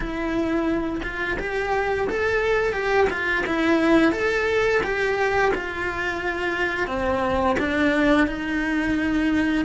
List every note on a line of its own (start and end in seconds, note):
0.00 1.01 E4
1.03 1.37 F4
1.39 2.08 G4
2.09 2.72 A4
2.72 3.07 G4
3.09 3.44 F4
3.46 4.12 E4
4.12 4.81 A4
4.83 5.52 G4
5.54 6.87 F4
6.87 7.56 C4
7.59 8.27 D4
8.27 9.65 D#4